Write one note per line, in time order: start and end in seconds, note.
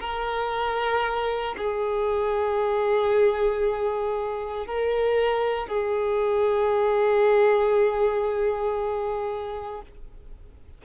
0.00 1.55 A#4
1.58 4.66 G#4
4.66 5.68 A#4
5.68 9.81 G#4